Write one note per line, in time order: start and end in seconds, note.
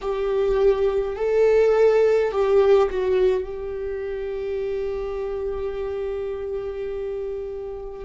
0.01 1.15 G4
1.15 2.31 A4
2.31 2.88 G4
2.90 3.43 F#4
3.43 8.05 G4